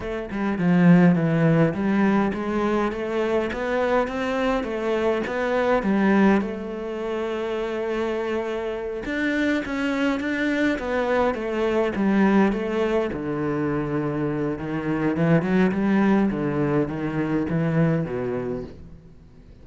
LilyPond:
\new Staff \with { instrumentName = "cello" } { \time 4/4 \tempo 4 = 103 a8 g8 f4 e4 g4 | gis4 a4 b4 c'4 | a4 b4 g4 a4~ | a2.~ a8 d'8~ |
d'8 cis'4 d'4 b4 a8~ | a8 g4 a4 d4.~ | d4 dis4 e8 fis8 g4 | d4 dis4 e4 b,4 | }